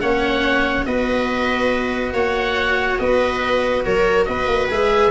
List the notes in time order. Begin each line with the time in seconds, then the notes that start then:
0.00 A#3 C#4 C#5 F#5
0.85 B3 F#4 B4 D#5
2.12 A#3 C#5 F#5
2.98 B3 B4 D#5
3.84 F#3 A#4 C#5
4.24 B3 B4 D#5
4.46 A#3
4.68 G#3 G#4 E5